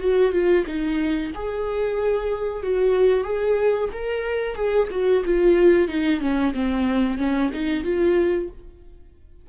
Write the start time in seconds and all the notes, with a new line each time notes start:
0.00 F#4
0.32 F4
0.66 D#4
1.35 G#4
2.63 F#4
3.24 G#4
3.92 A#4
4.55 G#4
4.91 F#4
5.25 F4
5.88 D#4
6.21 C#4
6.54 C4
7.18 C#4
7.53 D#4
7.84 F4